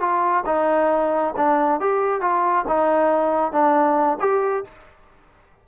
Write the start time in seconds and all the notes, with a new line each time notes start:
0.00 F4
0.46 D#4
1.37 D4
1.80 G4
2.21 F4
2.68 D#4
3.52 D4
4.20 G4